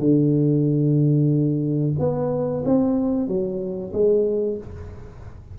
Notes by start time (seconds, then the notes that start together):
0.00 D3
2.00 B3
2.65 C4
3.28 F#3
3.93 G#3